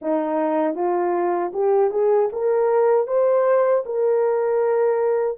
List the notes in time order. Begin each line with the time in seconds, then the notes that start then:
0.01 D#4
0.74 F4
1.53 G4
1.91 G#4
2.32 A#4
3.07 C5
3.85 A#4